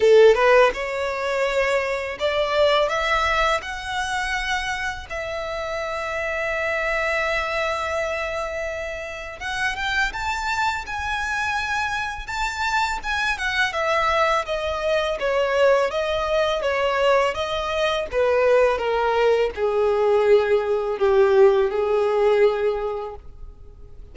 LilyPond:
\new Staff \with { instrumentName = "violin" } { \time 4/4 \tempo 4 = 83 a'8 b'8 cis''2 d''4 | e''4 fis''2 e''4~ | e''1~ | e''4 fis''8 g''8 a''4 gis''4~ |
gis''4 a''4 gis''8 fis''8 e''4 | dis''4 cis''4 dis''4 cis''4 | dis''4 b'4 ais'4 gis'4~ | gis'4 g'4 gis'2 | }